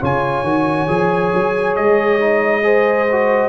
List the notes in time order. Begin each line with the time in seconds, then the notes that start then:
0.00 C#3 F4 C#5 G#5
0.43 D#3 F#4
0.88 F3 G#4
1.34 F#3
1.76 G#3 D#5
2.20 D#4
2.63 G#4 C5
3.11 F#4